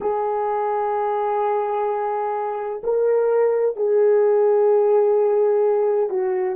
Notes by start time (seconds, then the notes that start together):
0.00 G#4
2.83 A#4
3.76 G#4
6.09 F#4